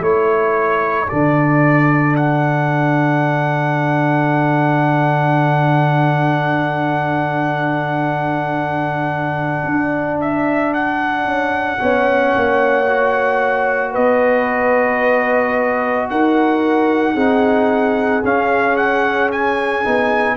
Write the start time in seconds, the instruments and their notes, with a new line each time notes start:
0.00 tuba A3, trombone E4, horn A4, trumpet C#5
1.08 tuba D3, trombone D4, trumpet D5
2.16 trumpet F#5
9.64 tuba D4
10.21 trumpet E5
10.73 trumpet F#5
11.25 tuba C#4
11.79 tuba B3, trombone C#4, horn C#5
12.36 tuba A#3
12.86 trombone F#4
13.92 tuba B3, horn B4, trumpet D#5
16.09 tuba D#4, horn A#4, trumpet F#5
17.13 tuba C4, trombone D#4, horn G#4
18.24 tuba C#4, trombone C#4, trumpet F5
18.76 trumpet F#5
19.31 trumpet G#5
19.83 tuba B3, trombone D#4